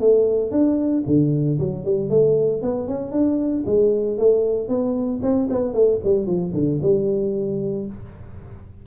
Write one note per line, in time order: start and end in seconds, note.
0.00 0.51 A3
0.51 1.03 D4
1.07 1.59 D3
1.59 1.85 F#3
1.85 2.10 G3
2.10 2.62 A3
2.62 2.88 B3
2.88 3.12 C#4
3.12 3.64 D4
3.66 4.18 G#3
4.18 4.68 A3
4.68 5.21 B3
5.22 5.49 C4
5.50 5.73 B3
5.73 6.00 A3
6.04 6.27 G3
6.27 6.53 F3
6.54 6.80 D3
6.82 7.86 G3